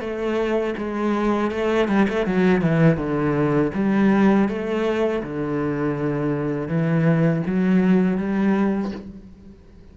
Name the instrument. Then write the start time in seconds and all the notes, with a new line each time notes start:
cello
0.00 A3
0.77 G#3
1.51 A3
1.88 G3
2.09 A3
2.26 F#3
2.61 E3
2.97 D3
3.74 G3
4.48 A3
5.23 D3
6.68 E3
7.46 F#3
8.17 G3